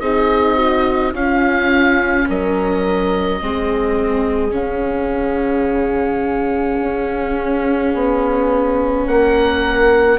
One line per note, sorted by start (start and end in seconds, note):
0.00 1.13 C4
0.00 1.14 D#4
0.00 0.56 G#4
0.00 1.13 D#5
0.56 1.12 F#4
1.13 2.26 C#4
1.13 3.41 C#4
1.13 2.26 F4
1.13 2.29 F5
2.29 3.42 F#3
2.29 3.42 A#4
2.29 4.55 D#5
3.41 4.52 G#3
3.41 4.51 C4
3.41 9.07 G#4
4.51 6.78 C#3
4.51 10.17 C#4
4.51 9.07 F5
6.81 7.95 C#4
7.95 9.07 B3
9.07 10.19 A#3
9.07 10.19 A#4
9.07 10.19 F#5